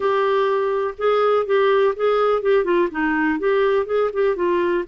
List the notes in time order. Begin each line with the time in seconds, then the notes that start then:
0.00 G4
0.97 G#4
1.46 G4
1.96 G#4
2.42 G4
2.64 F4
2.91 D#4
3.39 G4
3.86 G#4
4.13 G4
4.35 F4